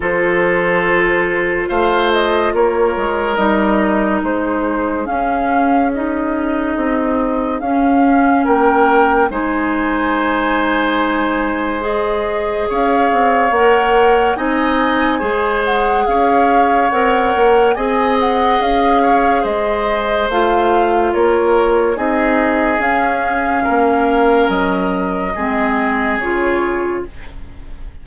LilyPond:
<<
  \new Staff \with { instrumentName = "flute" } { \time 4/4 \tempo 4 = 71 c''2 f''8 dis''8 cis''4 | dis''4 c''4 f''4 dis''4~ | dis''4 f''4 g''4 gis''4~ | gis''2 dis''4 f''4 |
fis''4 gis''4. fis''8 f''4 | fis''4 gis''8 fis''8 f''4 dis''4 | f''4 cis''4 dis''4 f''4~ | f''4 dis''2 cis''4 | }
  \new Staff \with { instrumentName = "oboe" } { \time 4/4 a'2 c''4 ais'4~ | ais'4 gis'2.~ | gis'2 ais'4 c''4~ | c''2. cis''4~ |
cis''4 dis''4 c''4 cis''4~ | cis''4 dis''4. cis''8 c''4~ | c''4 ais'4 gis'2 | ais'2 gis'2 | }
  \new Staff \with { instrumentName = "clarinet" } { \time 4/4 f'1 | dis'2 cis'4 dis'4~ | dis'4 cis'2 dis'4~ | dis'2 gis'2 |
ais'4 dis'4 gis'2 | ais'4 gis'2. | f'2 dis'4 cis'4~ | cis'2 c'4 f'4 | }
  \new Staff \with { instrumentName = "bassoon" } { \time 4/4 f2 a4 ais8 gis8 | g4 gis4 cis'2 | c'4 cis'4 ais4 gis4~ | gis2. cis'8 c'8 |
ais4 c'4 gis4 cis'4 | c'8 ais8 c'4 cis'4 gis4 | a4 ais4 c'4 cis'4 | ais4 fis4 gis4 cis4 | }
>>